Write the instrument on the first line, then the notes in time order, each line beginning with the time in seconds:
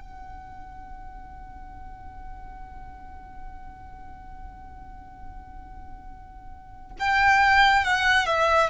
violin
0.00 F#5
6.99 G5
7.84 F#5
8.26 E5